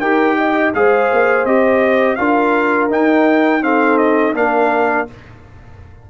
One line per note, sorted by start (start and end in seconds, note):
0.00 0.73 D#4
0.00 0.73 G4
0.00 0.36 A#4
0.00 0.72 G5
0.38 0.74 D#5
0.74 1.10 G#3
0.74 1.47 G#4
0.74 2.19 C5
0.74 1.46 F5
1.12 1.45 A#3
1.45 2.17 C4
1.45 2.18 G4
1.45 2.15 D#5
2.15 2.91 D4
2.15 2.89 F4
2.15 3.63 A#4
2.15 2.88 F5
2.89 3.62 D#4
2.89 4.34 D#4
2.89 3.63 G5
3.62 4.34 C4
3.62 4.36 A4
3.62 3.98 F5
3.98 4.34 D#5
4.34 5.06 A#3
4.34 5.07 D4
4.34 5.10 A#4
4.34 5.08 F5